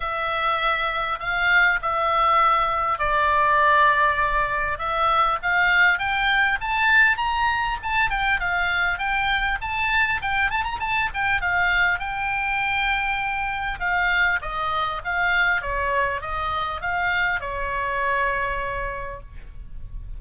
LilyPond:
\new Staff \with { instrumentName = "oboe" } { \time 4/4 \tempo 4 = 100 e''2 f''4 e''4~ | e''4 d''2. | e''4 f''4 g''4 a''4 | ais''4 a''8 g''8 f''4 g''4 |
a''4 g''8 a''16 ais''16 a''8 g''8 f''4 | g''2. f''4 | dis''4 f''4 cis''4 dis''4 | f''4 cis''2. | }